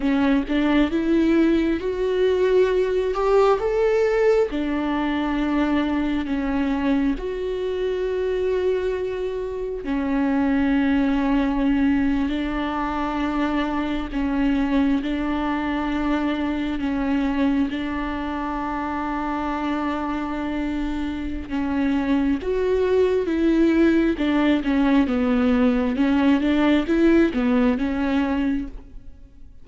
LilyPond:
\new Staff \with { instrumentName = "viola" } { \time 4/4 \tempo 4 = 67 cis'8 d'8 e'4 fis'4. g'8 | a'4 d'2 cis'4 | fis'2. cis'4~ | cis'4.~ cis'16 d'2 cis'16~ |
cis'8. d'2 cis'4 d'16~ | d'1 | cis'4 fis'4 e'4 d'8 cis'8 | b4 cis'8 d'8 e'8 b8 cis'4 | }